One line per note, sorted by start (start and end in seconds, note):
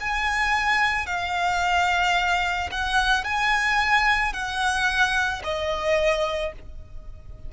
0.00 1.06 G#5
1.06 2.70 F5
2.71 3.24 F#5
3.24 4.33 G#5
4.33 5.42 F#5
5.43 6.53 D#5